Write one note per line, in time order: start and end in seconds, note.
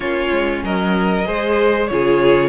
0.00 0.30 A#3
0.00 1.24 C#4
0.00 0.63 F4
0.00 0.63 C#5
0.31 0.62 G#3
0.63 1.26 F#3
0.63 1.26 A#4
0.63 1.87 D#5
1.24 1.90 G#3
1.24 1.88 G#4
1.24 1.89 C5
1.87 2.49 C#3
1.87 2.49 F4
1.87 2.49 G#4
1.87 2.49 C#5